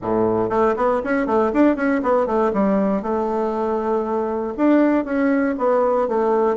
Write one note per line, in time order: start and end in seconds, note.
0.01 0.49 A2
0.49 0.74 A3
0.76 1.01 B3
1.04 1.26 C#4
1.26 1.51 A3
1.53 1.76 D4
1.76 2.01 C#4
2.02 2.26 B3
2.26 2.51 A3
2.53 3.02 G3
3.02 4.53 A3
4.57 5.04 D4
5.04 5.55 C#4
5.58 6.08 B3
6.08 6.56 A3